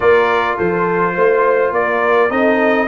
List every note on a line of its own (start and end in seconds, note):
0.00 0.59 A#3
0.00 2.30 F4
0.00 0.56 A#4
0.00 0.57 D5
0.56 1.16 F3
0.56 1.13 A4
0.56 1.73 C5
1.15 1.71 A3
1.15 1.73 C5
1.71 2.29 A#3
1.71 2.32 A#4
1.71 2.31 D5
2.30 2.87 C4
2.30 2.87 D#4
2.30 2.88 A4
2.30 2.88 D#5